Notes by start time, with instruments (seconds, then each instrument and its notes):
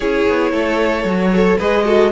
0.00 cello C#4, viola E4, violin G#4 C#5
0.28 cello B3
0.51 cello A3, violin A4
1.04 cello F#3, viola F#4
1.33 viola A4, violin C#5
1.58 cello G#3, viola G#4, violin B4 D#5
1.85 viola F#4, violin A4